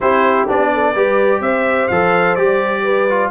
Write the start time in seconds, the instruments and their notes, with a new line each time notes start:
0.00 tuba C4, trombone E4, horn G4, trumpet C5
0.47 tuba B3, trombone D4, trumpet D5
0.73 horn A4
0.93 tuba G3, trombone G4, horn B4
1.40 tuba C4, horn C5, trumpet E5
1.87 tuba F3, trombone A4, trumpet F5
2.35 tuba G3, trombone G4, trumpet D5
2.83 horn B4
3.09 trombone F4